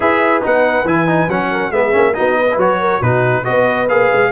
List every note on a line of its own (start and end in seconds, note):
0.00 0.43 E4
0.00 0.41 G#4
0.00 1.49 B4
0.00 0.43 E5
0.41 0.84 B3
0.41 0.85 D#4
0.41 0.87 F#5
0.84 1.27 E3
0.84 1.07 E4
0.84 1.29 G#5
1.07 1.28 D#4
1.27 1.70 F#3
1.27 1.72 C#4
1.27 1.71 F#5
1.50 1.72 A#4
1.70 1.92 G#3
1.70 1.92 B3
1.70 2.16 G#4
1.70 2.13 E5
1.92 2.16 A#3
1.92 2.13 C#4
2.13 2.57 B3
2.13 2.46 D#4
2.13 2.38 F#4
2.13 2.57 D#5
2.38 2.80 B4
2.52 3.00 F#3
2.52 2.59 E4
2.59 3.02 F#4
2.59 3.02 C#5
2.80 2.99 A#4
2.99 3.44 B2
2.99 3.44 D#4
2.99 3.42 F#4
2.99 3.44 B4
3.44 3.89 B3
3.44 3.87 F#4
3.44 4.31 B4
3.44 3.87 D#5
3.88 4.11 A#3
3.88 4.31 G#4
3.88 4.31 F5
4.12 4.31 G#3